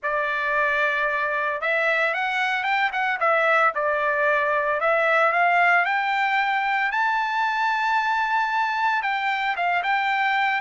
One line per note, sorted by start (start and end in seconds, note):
0.02 1.61 D5
1.61 2.14 E5
2.14 2.63 F#5
2.63 2.90 G5
2.92 3.19 F#5
3.20 3.73 E5
3.74 4.80 D5
4.80 5.32 E5
5.32 5.85 F5
5.85 6.91 G5
6.91 9.02 A5
9.02 9.55 G5
9.56 9.83 F5
9.83 10.60 G5